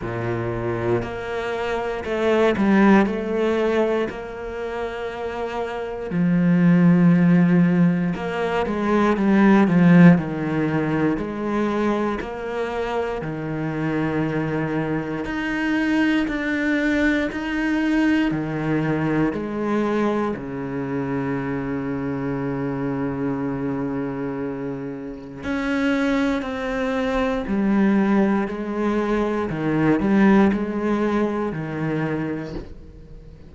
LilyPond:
\new Staff \with { instrumentName = "cello" } { \time 4/4 \tempo 4 = 59 ais,4 ais4 a8 g8 a4 | ais2 f2 | ais8 gis8 g8 f8 dis4 gis4 | ais4 dis2 dis'4 |
d'4 dis'4 dis4 gis4 | cis1~ | cis4 cis'4 c'4 g4 | gis4 dis8 g8 gis4 dis4 | }